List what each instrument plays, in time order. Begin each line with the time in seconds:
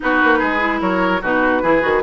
0.00 bassoon B3, clarinet D#4, oboe F#4, flute B4
0.23 bassoon A#3
0.39 bassoon G#3, oboe G#4
0.58 clarinet E4
0.81 bassoon F#3, oboe A#4, flute C#5
1.21 bassoon B2, clarinet D#4, oboe F#4, flute B4
1.62 bassoon E3, clarinet E4, oboe G#4
1.81 bassoon D#3, clarinet F#4